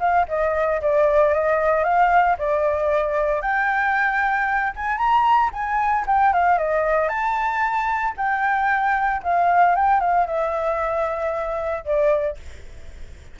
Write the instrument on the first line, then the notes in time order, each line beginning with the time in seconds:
flute
0.00 F5
0.28 D#5
0.81 D5
1.34 D#5
1.84 F5
2.38 D5
3.42 G5
4.76 G#5
4.98 A#5
5.53 G#5
6.07 G5
6.33 F5
6.59 D#5
7.09 A5
8.17 G5
9.23 F5
9.76 G5
10.00 F5
10.27 E5
11.85 D5